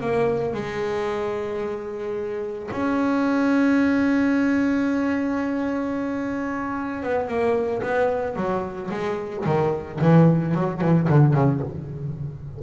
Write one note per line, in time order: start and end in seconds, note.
0.00 0.53 A#3
0.53 2.70 G#3
2.71 7.03 C#4
7.03 7.28 B3
7.28 7.82 A#3
7.82 8.36 B3
8.36 8.90 F#3
8.90 9.44 G#3
9.45 10.00 D#3
10.01 10.54 E3
10.54 10.81 F#3
10.81 11.08 E3
11.09 11.33 D3
11.33 11.60 C#3